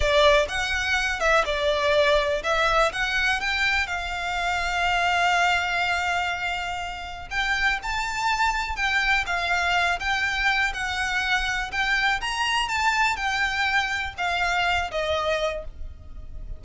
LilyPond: \new Staff \with { instrumentName = "violin" } { \time 4/4 \tempo 4 = 123 d''4 fis''4. e''8 d''4~ | d''4 e''4 fis''4 g''4 | f''1~ | f''2. g''4 |
a''2 g''4 f''4~ | f''8 g''4. fis''2 | g''4 ais''4 a''4 g''4~ | g''4 f''4. dis''4. | }